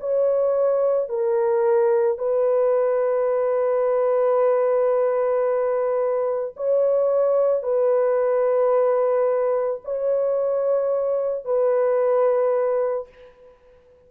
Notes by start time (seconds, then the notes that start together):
0.00 C#5
1.09 A#4
2.18 B4
6.56 C#5
7.63 B4
9.84 C#5
11.44 B4